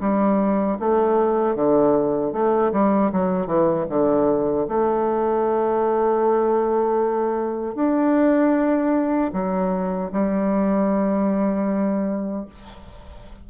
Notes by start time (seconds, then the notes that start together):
0.00 G3
0.79 A3
1.55 D3
2.33 A3
2.72 G3
3.12 F#3
3.46 E3
3.90 D3
4.68 A3
7.75 D4
9.33 F#3
10.12 G3